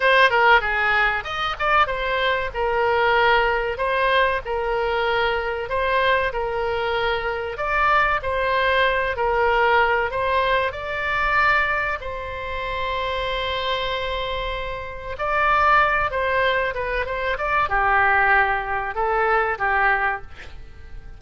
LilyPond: \new Staff \with { instrumentName = "oboe" } { \time 4/4 \tempo 4 = 95 c''8 ais'8 gis'4 dis''8 d''8 c''4 | ais'2 c''4 ais'4~ | ais'4 c''4 ais'2 | d''4 c''4. ais'4. |
c''4 d''2 c''4~ | c''1 | d''4. c''4 b'8 c''8 d''8 | g'2 a'4 g'4 | }